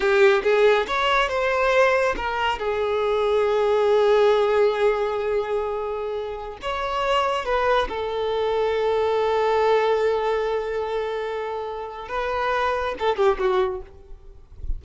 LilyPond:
\new Staff \with { instrumentName = "violin" } { \time 4/4 \tempo 4 = 139 g'4 gis'4 cis''4 c''4~ | c''4 ais'4 gis'2~ | gis'1~ | gis'2.~ gis'16 cis''8.~ |
cis''4~ cis''16 b'4 a'4.~ a'16~ | a'1~ | a'1 | b'2 a'8 g'8 fis'4 | }